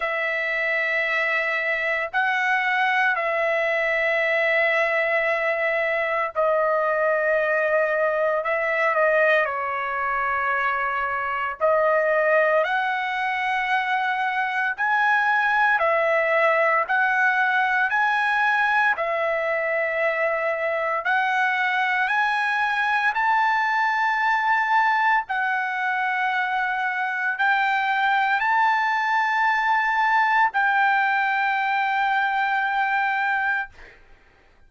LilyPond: \new Staff \with { instrumentName = "trumpet" } { \time 4/4 \tempo 4 = 57 e''2 fis''4 e''4~ | e''2 dis''2 | e''8 dis''8 cis''2 dis''4 | fis''2 gis''4 e''4 |
fis''4 gis''4 e''2 | fis''4 gis''4 a''2 | fis''2 g''4 a''4~ | a''4 g''2. | }